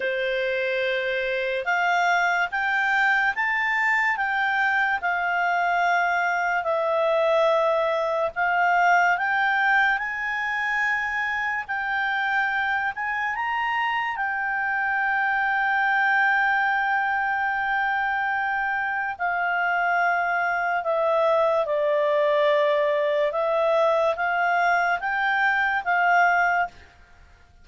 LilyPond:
\new Staff \with { instrumentName = "clarinet" } { \time 4/4 \tempo 4 = 72 c''2 f''4 g''4 | a''4 g''4 f''2 | e''2 f''4 g''4 | gis''2 g''4. gis''8 |
ais''4 g''2.~ | g''2. f''4~ | f''4 e''4 d''2 | e''4 f''4 g''4 f''4 | }